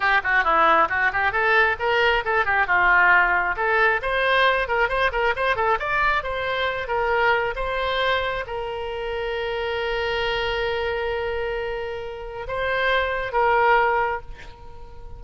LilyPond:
\new Staff \with { instrumentName = "oboe" } { \time 4/4 \tempo 4 = 135 g'8 fis'8 e'4 fis'8 g'8 a'4 | ais'4 a'8 g'8 f'2 | a'4 c''4. ais'8 c''8 ais'8 | c''8 a'8 d''4 c''4. ais'8~ |
ais'4 c''2 ais'4~ | ais'1~ | ais'1 | c''2 ais'2 | }